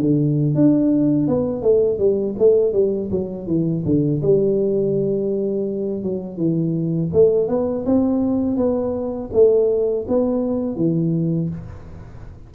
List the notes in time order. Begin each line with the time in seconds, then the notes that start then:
0.00 D3
0.55 D4
1.28 B3
1.62 A3
1.99 G3
2.39 A3
2.73 G3
3.11 F#3
3.47 E3
3.85 D3
4.22 G3
6.03 F#3
6.38 E3
7.13 A3
7.48 B3
7.86 C4
8.57 B3
9.33 A3
10.08 B3
10.76 E3